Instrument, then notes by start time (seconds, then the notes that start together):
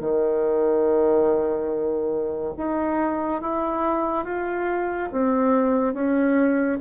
bassoon
0.00 D#3
2.57 D#4
3.41 E4
4.24 F4
5.12 C4
5.94 C#4